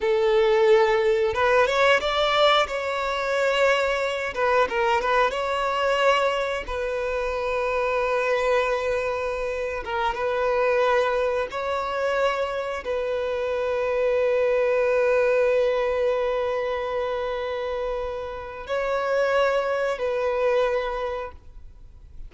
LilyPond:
\new Staff \with { instrumentName = "violin" } { \time 4/4 \tempo 4 = 90 a'2 b'8 cis''8 d''4 | cis''2~ cis''8 b'8 ais'8 b'8 | cis''2 b'2~ | b'2~ b'8. ais'8 b'8.~ |
b'4~ b'16 cis''2 b'8.~ | b'1~ | b'1 | cis''2 b'2 | }